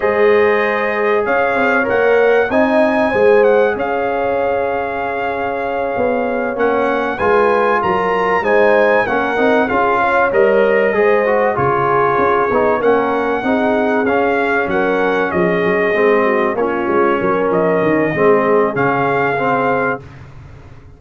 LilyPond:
<<
  \new Staff \with { instrumentName = "trumpet" } { \time 4/4 \tempo 4 = 96 dis''2 f''4 fis''4 | gis''4. fis''8 f''2~ | f''2~ f''8 fis''4 gis''8~ | gis''8 ais''4 gis''4 fis''4 f''8~ |
f''8 dis''2 cis''4.~ | cis''8 fis''2 f''4 fis''8~ | fis''8 dis''2 cis''4. | dis''2 f''2 | }
  \new Staff \with { instrumentName = "horn" } { \time 4/4 c''2 cis''2 | dis''4 c''4 cis''2~ | cis''2.~ cis''8 b'8~ | b'8 ais'4 c''4 ais'4 gis'8 |
cis''4. c''4 gis'4.~ | gis'8 ais'4 gis'2 ais'8~ | ais'8 gis'4. fis'8 f'4 ais'8~ | ais'4 gis'2. | }
  \new Staff \with { instrumentName = "trombone" } { \time 4/4 gis'2. ais'4 | dis'4 gis'2.~ | gis'2~ gis'8 cis'4 f'8~ | f'4. dis'4 cis'8 dis'8 f'8~ |
f'8 ais'4 gis'8 fis'8 f'4. | dis'8 cis'4 dis'4 cis'4.~ | cis'4. c'4 cis'4.~ | cis'4 c'4 cis'4 c'4 | }
  \new Staff \with { instrumentName = "tuba" } { \time 4/4 gis2 cis'8 c'8 ais4 | c'4 gis4 cis'2~ | cis'4. b4 ais4 gis8~ | gis8 fis4 gis4 ais8 c'8 cis'8~ |
cis'8 g4 gis4 cis4 cis'8 | b8 ais4 c'4 cis'4 fis8~ | fis8 f8 fis8 gis4 ais8 gis8 fis8 | f8 dis8 gis4 cis2 | }
>>